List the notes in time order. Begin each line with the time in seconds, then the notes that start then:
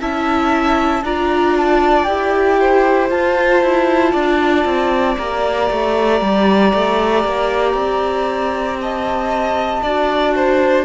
0.00 C#4 E4 E5 A5
1.03 D4 F4 D5 A#5
1.57 A5
2.04 E4 G4 G5
2.60 C5
3.09 F4 A5
3.62 E4
4.12 D4 D5
4.64 C4
5.17 A#3 G4 A#5
5.70 A3
6.21 G3
6.74 A3
7.24 A#3
7.74 C4
8.81 D#5 A5
9.82 D4 F#4 D5
10.35 C5